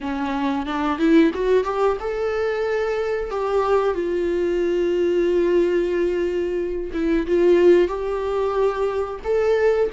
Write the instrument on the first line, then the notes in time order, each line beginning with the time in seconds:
viola
0.00 C#4
0.66 D4
0.98 E4
1.34 F#4
1.64 G4
2.00 A4
3.30 G4
3.94 F4
6.93 E4
7.26 F4
7.88 G4
9.24 A4